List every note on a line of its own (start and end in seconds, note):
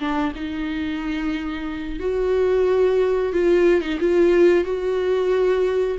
0.00 0.33 D4
0.36 2.00 D#4
2.00 3.33 F#4
3.33 3.82 F4
3.82 3.99 D#4
4.00 4.65 F4
4.65 5.98 F#4